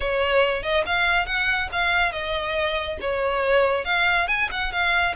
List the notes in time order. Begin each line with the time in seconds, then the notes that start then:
0.00 C#5
0.62 D#5
0.86 F5
1.26 F#5
1.71 F5
2.12 D#5
3.00 C#5
3.85 F5
4.27 G#5
4.51 F#5
4.72 F5